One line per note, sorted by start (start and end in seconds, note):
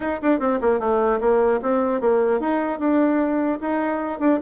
0.00 0.20 D#4
0.21 0.39 D4
0.39 0.59 C4
0.61 0.79 A#3
0.79 1.19 A3
1.20 1.60 A#3
1.62 2.00 C4
2.00 2.40 A#3
2.40 2.79 D#4
2.79 3.59 D4
3.61 4.19 D#4
4.19 4.39 D4